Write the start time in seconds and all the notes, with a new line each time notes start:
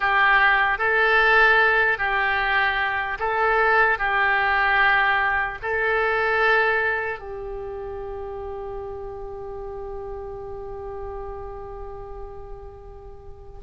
0.00 G4
0.78 A4
1.97 G4
3.19 A4
3.98 G4
5.62 A4
7.19 G4